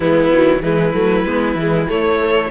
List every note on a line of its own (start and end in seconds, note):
0.00 0.31 E3
0.00 0.31 G#3
0.00 0.63 B3
0.00 0.62 E4
0.32 0.61 D#3
0.32 0.62 F#3
0.61 0.93 E3
0.61 0.93 G#3
0.61 2.50 E4
0.61 1.87 B4
0.93 1.24 F#3
0.93 1.24 A3
1.24 1.55 G#3
1.24 1.58 B3
1.55 1.86 E3
1.55 1.88 G#3
1.88 2.19 A3
1.88 2.50 A3
1.88 2.50 C#5
2.19 2.50 A4